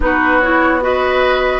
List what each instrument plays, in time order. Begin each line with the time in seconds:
0.00 bassoon B3, clarinet D#4, oboe F#4, flute B4
0.40 clarinet E4, flute C#5
0.81 clarinet F#4, oboe B4, flute D#5